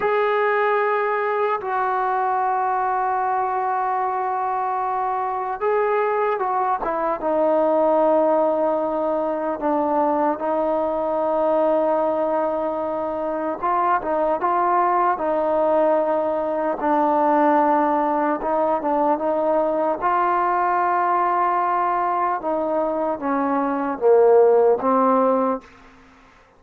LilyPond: \new Staff \with { instrumentName = "trombone" } { \time 4/4 \tempo 4 = 75 gis'2 fis'2~ | fis'2. gis'4 | fis'8 e'8 dis'2. | d'4 dis'2.~ |
dis'4 f'8 dis'8 f'4 dis'4~ | dis'4 d'2 dis'8 d'8 | dis'4 f'2. | dis'4 cis'4 ais4 c'4 | }